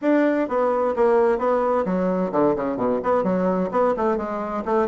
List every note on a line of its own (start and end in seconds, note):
0.01 0.48 D4
0.48 0.95 B3
0.96 1.38 A#3
1.38 1.85 B3
1.85 2.31 F#3
2.32 2.55 D3
2.56 2.77 C#3
2.77 3.00 B2
3.03 3.23 B3
3.23 3.70 F#3
3.71 3.94 B3
3.96 4.17 A3
4.17 4.63 G#3
4.65 4.88 A3